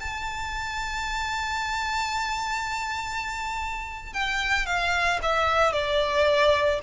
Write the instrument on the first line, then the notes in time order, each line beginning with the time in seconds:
violin
0.00 A5
4.13 G5
4.66 F5
5.23 E5
5.73 D5